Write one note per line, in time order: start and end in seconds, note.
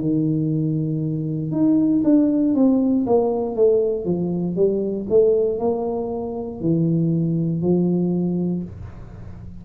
0.00 1.52 D#3
1.52 2.02 D#4
2.03 2.54 D4
2.55 3.06 C4
3.06 3.55 A#3
3.55 4.05 A3
4.05 4.56 F3
4.56 5.07 G3
5.09 5.58 A3
5.58 6.60 A#3
6.61 7.62 E3
7.62 8.63 F3